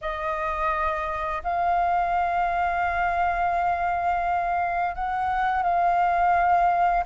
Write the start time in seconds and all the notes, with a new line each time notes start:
0.01 D#5
1.43 F5
4.95 F#5
5.62 F5